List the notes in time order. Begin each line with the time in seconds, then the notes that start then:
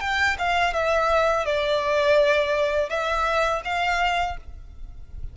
0.00 G5
0.38 F5
0.73 E5
1.45 D5
2.89 E5
3.64 F5